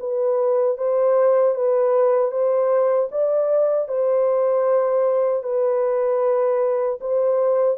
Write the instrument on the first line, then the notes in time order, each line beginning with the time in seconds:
horn
0.00 B4
0.78 C5
1.55 B4
2.32 C5
3.12 D5
3.89 C5
5.44 B4
7.01 C5